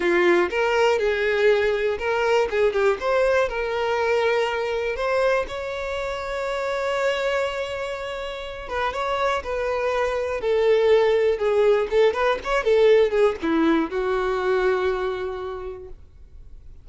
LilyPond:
\new Staff \with { instrumentName = "violin" } { \time 4/4 \tempo 4 = 121 f'4 ais'4 gis'2 | ais'4 gis'8 g'8 c''4 ais'4~ | ais'2 c''4 cis''4~ | cis''1~ |
cis''4. b'8 cis''4 b'4~ | b'4 a'2 gis'4 | a'8 b'8 cis''8 a'4 gis'8 e'4 | fis'1 | }